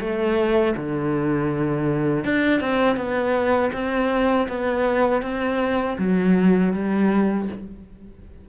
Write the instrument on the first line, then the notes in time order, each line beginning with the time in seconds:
cello
0.00 A3
0.76 D3
2.25 D4
2.61 C4
2.97 B3
3.73 C4
4.49 B3
5.22 C4
5.99 F#3
6.74 G3